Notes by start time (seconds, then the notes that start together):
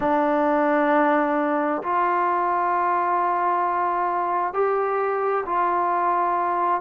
0.00 D4
1.83 F4
4.53 G4
5.45 F4